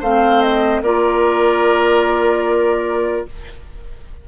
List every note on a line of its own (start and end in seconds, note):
0.00 0.81 A3
0.00 0.84 C4
0.00 0.81 C5
0.00 0.41 F5
0.41 0.82 D#5
0.81 3.24 A#3
0.81 3.27 F4
0.81 3.26 A#4
0.81 3.26 D5